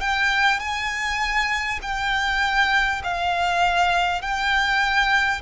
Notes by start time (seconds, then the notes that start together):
0.00 G5
0.59 G#5
1.82 G5
3.03 F5
4.21 G5